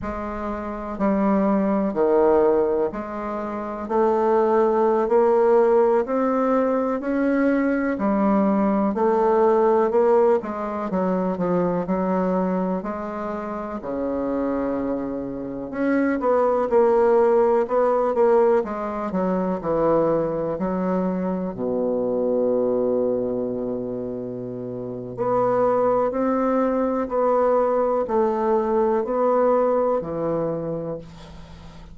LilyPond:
\new Staff \with { instrumentName = "bassoon" } { \time 4/4 \tempo 4 = 62 gis4 g4 dis4 gis4 | a4~ a16 ais4 c'4 cis'8.~ | cis'16 g4 a4 ais8 gis8 fis8 f16~ | f16 fis4 gis4 cis4.~ cis16~ |
cis16 cis'8 b8 ais4 b8 ais8 gis8 fis16~ | fis16 e4 fis4 b,4.~ b,16~ | b,2 b4 c'4 | b4 a4 b4 e4 | }